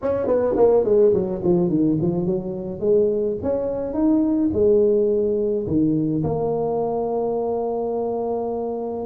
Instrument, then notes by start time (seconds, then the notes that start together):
tuba
0.02 C#4
0.27 B3
0.56 A#3
0.84 G#3
1.13 F#3
1.43 F3
1.69 D#3
2.01 F3
2.26 F#3
2.80 G#3
3.42 C#4
3.93 D#4
4.53 G#3
5.66 D#3
6.23 A#3